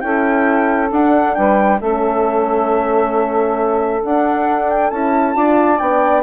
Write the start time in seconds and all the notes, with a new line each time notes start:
0.00 C#4 E4 A4 G5
0.91 D4 F#5
1.34 G3 B4 G5
1.80 A3 C#4 A4 E5
4.02 D4 F#5
4.69 G5
4.90 C#4 E4 A5
5.33 D4 F4 D5
5.78 B3 D4 G5